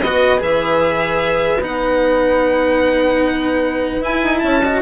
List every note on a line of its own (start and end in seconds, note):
0.00 0.41 B3
0.00 0.38 F#4
0.00 4.44 B4
0.00 0.40 D#5
0.38 1.59 E3
0.38 1.58 G#4
0.38 1.62 E5
1.59 3.99 B3
1.59 4.01 D#4
1.59 4.03 F#5
4.01 4.61 E4
4.01 4.23 E4
4.01 4.39 G#5
4.23 4.43 D#4
4.39 4.82 C#4
4.39 4.63 C#5
4.39 4.79 A5
4.63 4.82 F#4
4.63 4.82 D#5